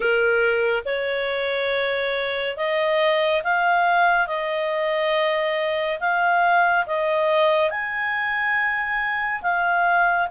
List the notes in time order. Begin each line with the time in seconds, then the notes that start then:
0.00 A#4
0.85 C#5
2.56 D#5
3.43 F5
4.27 D#5
6.00 F5
6.86 D#5
7.70 G#5
9.42 F5